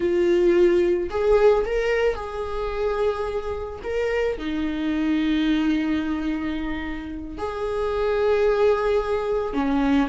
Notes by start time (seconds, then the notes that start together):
0.00 F4
1.09 G#4
1.65 A#4
2.15 G#4
3.83 A#4
4.38 D#4
7.38 G#4
9.53 C#4